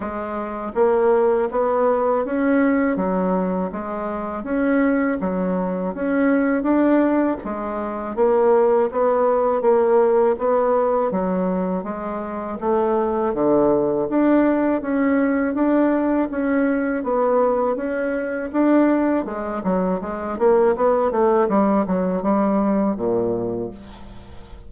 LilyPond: \new Staff \with { instrumentName = "bassoon" } { \time 4/4 \tempo 4 = 81 gis4 ais4 b4 cis'4 | fis4 gis4 cis'4 fis4 | cis'4 d'4 gis4 ais4 | b4 ais4 b4 fis4 |
gis4 a4 d4 d'4 | cis'4 d'4 cis'4 b4 | cis'4 d'4 gis8 fis8 gis8 ais8 | b8 a8 g8 fis8 g4 ais,4 | }